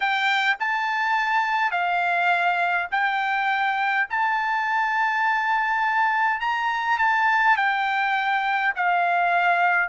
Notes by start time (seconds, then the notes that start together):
0.00 G5
0.59 A5
1.71 F5
2.91 G5
4.09 A5
6.40 A#5
6.98 A5
7.56 G5
8.75 F5